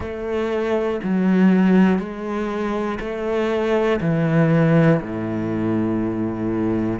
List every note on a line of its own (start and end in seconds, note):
0.00 1.00 A3
1.03 1.99 F#3
1.99 2.99 G#3
3.00 4.00 A3
4.00 5.00 E3
5.01 7.00 A2